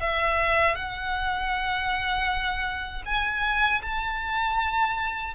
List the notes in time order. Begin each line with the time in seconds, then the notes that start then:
0.00 E5
0.75 F#5
3.06 G#5
3.82 A5